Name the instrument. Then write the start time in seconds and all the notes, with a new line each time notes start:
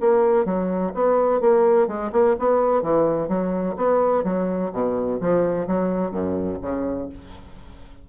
bassoon
0.00 A#3
0.45 F#3
0.94 B3
1.40 A#3
1.87 G#3
2.12 A#3
2.39 B3
2.82 E3
3.28 F#3
3.76 B3
4.24 F#3
4.72 B2
5.21 F3
5.67 F#3
6.11 F#2
6.62 C#3